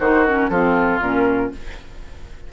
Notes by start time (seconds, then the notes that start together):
0.00 D#3 D#4 F#4 C5
0.25 C#4 A#4
0.50 F3 C4 F4 A4
1.01 A#2 C#4 A#4